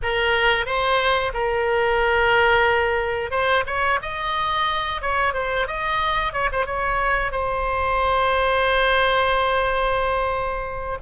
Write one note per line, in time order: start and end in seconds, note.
0.02 0.65 A#4
0.65 1.32 C5
1.33 3.30 A#4
3.30 3.64 C5
3.66 3.99 C#5
4.02 5.01 D#5
5.01 5.33 C#5
5.33 5.67 C5
5.67 6.32 D#5
6.32 6.49 C#5
6.52 6.66 C5
6.66 7.31 C#5
7.31 10.98 C5